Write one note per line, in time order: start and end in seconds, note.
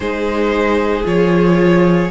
0.00 1.04 G#3
0.00 1.03 D#4
0.00 2.10 G#4
0.00 1.05 C5
1.03 2.10 F3
1.03 2.08 F4
1.03 2.10 C#5